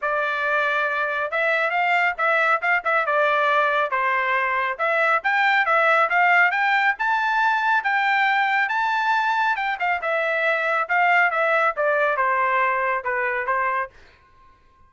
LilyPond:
\new Staff \with { instrumentName = "trumpet" } { \time 4/4 \tempo 4 = 138 d''2. e''4 | f''4 e''4 f''8 e''8 d''4~ | d''4 c''2 e''4 | g''4 e''4 f''4 g''4 |
a''2 g''2 | a''2 g''8 f''8 e''4~ | e''4 f''4 e''4 d''4 | c''2 b'4 c''4 | }